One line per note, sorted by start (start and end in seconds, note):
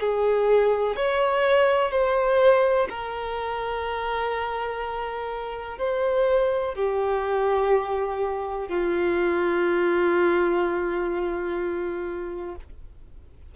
0.00 0.96 G#4
0.96 1.91 C#5
1.91 2.88 C5
2.89 5.78 A#4
5.78 6.75 C5
6.75 8.68 G4
8.68 12.55 F4